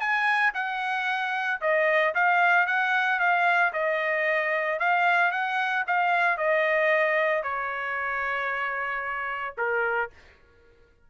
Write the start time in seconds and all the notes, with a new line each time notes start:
0.00 G#5
0.55 F#5
1.61 D#5
2.15 F5
2.67 F#5
3.20 F5
3.73 D#5
4.80 F5
5.31 F#5
5.87 F5
6.38 D#5
7.43 C#5
9.58 A#4